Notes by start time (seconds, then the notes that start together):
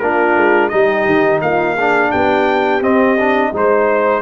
0.00 A#3 D4 F4 A#4
0.37 G#3
0.69 G3 D#4 G4 D#5
1.07 D#3
1.42 A#3 F4 F5
1.75 D4 G#4
2.11 B3 G4 G5
2.82 C4 D#5
3.20 D4
3.53 G#3 D#4 C5